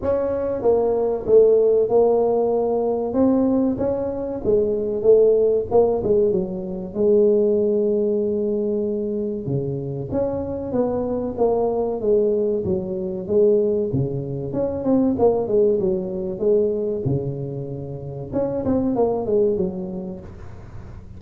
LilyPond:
\new Staff \with { instrumentName = "tuba" } { \time 4/4 \tempo 4 = 95 cis'4 ais4 a4 ais4~ | ais4 c'4 cis'4 gis4 | a4 ais8 gis8 fis4 gis4~ | gis2. cis4 |
cis'4 b4 ais4 gis4 | fis4 gis4 cis4 cis'8 c'8 | ais8 gis8 fis4 gis4 cis4~ | cis4 cis'8 c'8 ais8 gis8 fis4 | }